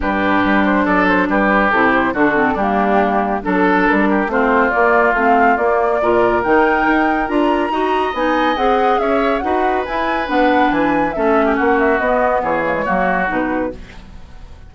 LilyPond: <<
  \new Staff \with { instrumentName = "flute" } { \time 4/4 \tempo 4 = 140 b'4. c''8 d''8 c''8 b'4 | a'8 c''8 a'4 g'2 | a'4 ais'4 c''4 d''4 | f''4 d''2 g''4~ |
g''4 ais''2 gis''4 | fis''4 e''4 fis''4 gis''4 | fis''4 gis''4 e''4 fis''8 e''8 | dis''4 cis''2 b'4 | }
  \new Staff \with { instrumentName = "oboe" } { \time 4/4 g'2 a'4 g'4~ | g'4 fis'4 d'2 | a'4. g'8 f'2~ | f'2 ais'2~ |
ais'2 dis''2~ | dis''4 cis''4 b'2~ | b'2 a'8. g'16 fis'4~ | fis'4 gis'4 fis'2 | }
  \new Staff \with { instrumentName = "clarinet" } { \time 4/4 d'1 | e'4 d'8 c'8 ais2 | d'2 c'4 ais4 | c'4 ais4 f'4 dis'4~ |
dis'4 f'4 fis'4 dis'4 | gis'2 fis'4 e'4 | d'2 cis'2 | b4. ais16 gis16 ais4 dis'4 | }
  \new Staff \with { instrumentName = "bassoon" } { \time 4/4 g,4 g4 fis4 g4 | c4 d4 g2 | fis4 g4 a4 ais4 | a4 ais4 ais,4 dis4 |
dis'4 d'4 dis'4 b4 | c'4 cis'4 dis'4 e'4 | b4 e4 a4 ais4 | b4 e4 fis4 b,4 | }
>>